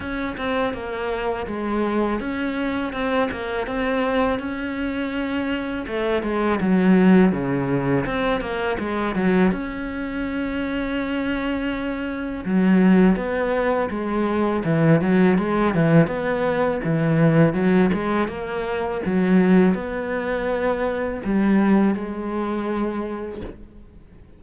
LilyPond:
\new Staff \with { instrumentName = "cello" } { \time 4/4 \tempo 4 = 82 cis'8 c'8 ais4 gis4 cis'4 | c'8 ais8 c'4 cis'2 | a8 gis8 fis4 cis4 c'8 ais8 | gis8 fis8 cis'2.~ |
cis'4 fis4 b4 gis4 | e8 fis8 gis8 e8 b4 e4 | fis8 gis8 ais4 fis4 b4~ | b4 g4 gis2 | }